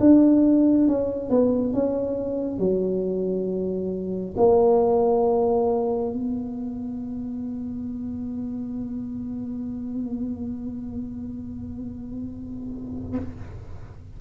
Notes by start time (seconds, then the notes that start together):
0.00 D4
0.88 C#4
1.30 B3
1.74 C#4
2.59 F#3
4.37 A#3
6.13 B3